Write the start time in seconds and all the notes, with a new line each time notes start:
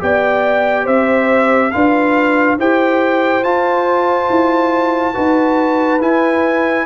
0.00 B3 G4 D5 G5
0.84 C4 C5 E5
1.71 D4 F4 B4 F5
2.59 E4 G4 C5 G5
3.43 F4 A5
4.30 E4
5.14 D#4 F#4 B4
6.01 E4 G#5